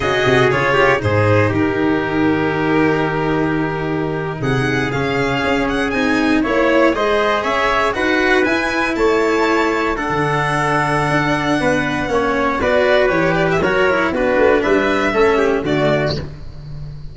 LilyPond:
<<
  \new Staff \with { instrumentName = "violin" } { \time 4/4 \tempo 4 = 119 dis''4 cis''4 c''4 ais'4~ | ais'1~ | ais'8. fis''4 f''4. fis''8 gis''16~ | gis''8. cis''4 dis''4 e''4 fis''16~ |
fis''8. gis''4 a''2 fis''16~ | fis''1~ | fis''4 d''4 cis''8 d''16 e''16 cis''4 | b'4 e''2 d''4 | }
  \new Staff \with { instrumentName = "trumpet" } { \time 4/4 gis'4. g'8 gis'4 g'4~ | g'1~ | g'8. gis'2.~ gis'16~ | gis'8. cis''4 c''4 cis''4 b'16~ |
b'4.~ b'16 cis''2 a'16~ | a'2. b'4 | cis''4 b'2 ais'4 | fis'4 b'4 a'8 g'8 fis'4 | }
  \new Staff \with { instrumentName = "cello" } { \time 4/4 fis'4 f'4 dis'2~ | dis'1~ | dis'4.~ dis'16 cis'2 dis'16~ | dis'8. e'4 gis'2 fis'16~ |
fis'8. e'2. d'16~ | d'1 | cis'4 fis'4 g'4 fis'8 e'8 | d'2 cis'4 a4 | }
  \new Staff \with { instrumentName = "tuba" } { \time 4/4 cis8 c8 cis4 gis,4 dis4~ | dis1~ | dis8. c4 cis4 cis'4 c'16~ | c'8. ais4 gis4 cis'4 dis'16~ |
dis'8. e'4 a2~ a16 | d2 d'4 b4 | ais4 b4 e4 fis4 | b8 a8 g4 a4 d4 | }
>>